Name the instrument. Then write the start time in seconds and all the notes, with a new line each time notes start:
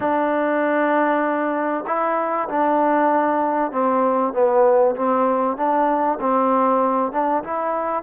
trombone
0.00 D4
1.86 E4
2.49 D4
3.71 C4
4.33 B3
4.95 C4
5.57 D4
6.20 C4
7.12 D4
7.43 E4